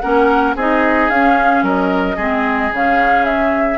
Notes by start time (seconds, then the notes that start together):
0.00 A#3 C#4 A#4 F#5
0.55 C4 D#4 G#4 D#5
1.09 C#4 F5
1.62 F#3 A#4 D#5
2.16 G#3 C4 G#4
2.72 C#3 C#4 F5
3.25 E5